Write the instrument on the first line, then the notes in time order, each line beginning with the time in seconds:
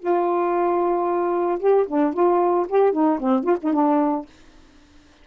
saxophone
0.00 F4
1.60 G4
1.88 D4
2.14 F4
2.69 G4
2.93 D#4
3.20 C4
3.44 F4
3.63 D#4
3.73 D4